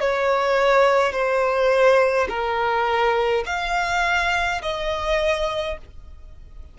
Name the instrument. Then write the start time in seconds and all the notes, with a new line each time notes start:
violin
0.00 C#5
1.12 C5
2.28 A#4
3.46 F5
4.62 D#5